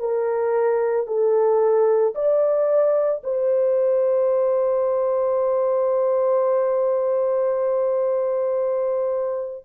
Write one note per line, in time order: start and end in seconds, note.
0.00 1.07 A#4
1.07 2.14 A4
2.15 3.22 D5
3.24 9.65 C5